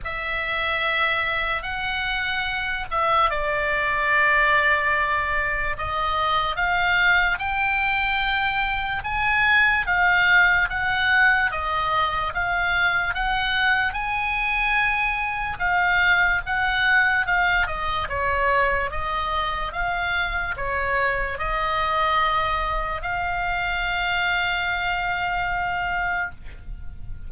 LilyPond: \new Staff \with { instrumentName = "oboe" } { \time 4/4 \tempo 4 = 73 e''2 fis''4. e''8 | d''2. dis''4 | f''4 g''2 gis''4 | f''4 fis''4 dis''4 f''4 |
fis''4 gis''2 f''4 | fis''4 f''8 dis''8 cis''4 dis''4 | f''4 cis''4 dis''2 | f''1 | }